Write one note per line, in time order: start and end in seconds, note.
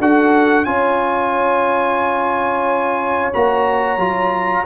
0.00 0.66 D4
0.00 0.66 F#4
0.00 0.67 A4
0.00 0.65 F#5
0.65 3.33 C#4
0.65 3.33 F4
0.65 4.66 C#5
0.65 3.32 G#5
3.33 3.98 A#3
3.33 3.99 F#4
3.33 4.66 A#5
3.98 4.64 F#3
3.98 4.66 F4